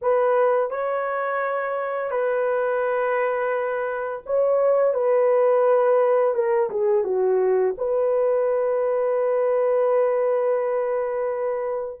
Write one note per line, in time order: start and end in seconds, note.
0.01 0.70 B4
0.70 2.10 C#5
2.10 4.22 B4
4.25 4.94 C#5
4.94 6.34 B4
6.34 6.69 A#4
6.69 7.04 G#4
7.04 7.74 F#4
7.77 12.00 B4